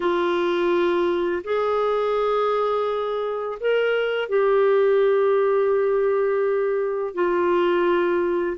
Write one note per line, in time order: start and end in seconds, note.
0.00 1.43 F4
1.44 3.58 G#4
3.59 4.29 A#4
4.29 7.14 G4
7.14 8.57 F4